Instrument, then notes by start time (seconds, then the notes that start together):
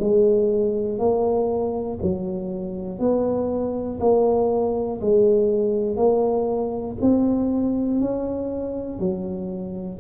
tuba
0.00 G#3
0.99 A#3
2.02 F#3
3.00 B3
4.00 A#3
5.01 G#3
5.96 A#3
7.01 C4
8.00 C#4
9.00 F#3